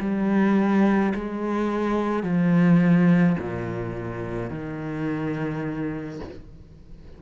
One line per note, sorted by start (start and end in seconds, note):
0.00 1.13 G3
1.15 2.23 G#3
2.23 3.37 F3
3.39 4.50 A#2
4.50 6.20 D#3